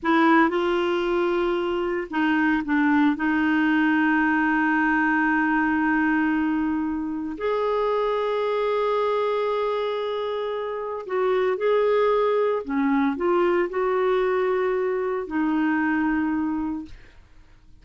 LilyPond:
\new Staff \with { instrumentName = "clarinet" } { \time 4/4 \tempo 4 = 114 e'4 f'2. | dis'4 d'4 dis'2~ | dis'1~ | dis'2 gis'2~ |
gis'1~ | gis'4 fis'4 gis'2 | cis'4 f'4 fis'2~ | fis'4 dis'2. | }